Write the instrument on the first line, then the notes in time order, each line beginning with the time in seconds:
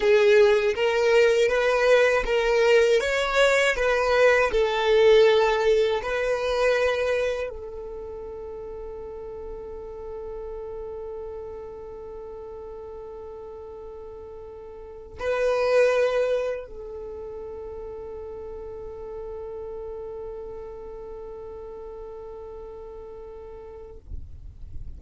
violin
0.00 G#4
0.74 A#4
1.48 B4
2.25 A#4
3.00 C#5
3.76 B4
4.51 A4
6.02 B4
7.49 A4
15.19 B4
16.66 A4